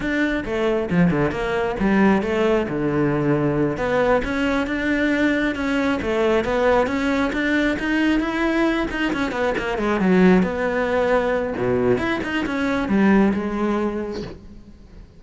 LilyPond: \new Staff \with { instrumentName = "cello" } { \time 4/4 \tempo 4 = 135 d'4 a4 f8 d8 ais4 | g4 a4 d2~ | d8 b4 cis'4 d'4.~ | d'8 cis'4 a4 b4 cis'8~ |
cis'8 d'4 dis'4 e'4. | dis'8 cis'8 b8 ais8 gis8 fis4 b8~ | b2 b,4 e'8 dis'8 | cis'4 g4 gis2 | }